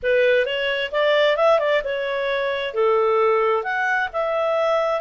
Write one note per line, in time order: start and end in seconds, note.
0.02 0.45 B4
0.45 0.90 C#5
0.91 1.36 D5
1.36 1.59 E5
1.59 1.82 D5
1.83 2.74 C#5
2.74 3.63 A4
3.63 4.08 F#5
4.12 5.00 E5